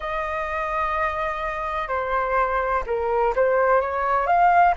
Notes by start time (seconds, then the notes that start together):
0.00 D#5
1.87 C5
2.86 A#4
3.35 C5
3.81 C#5
4.26 F5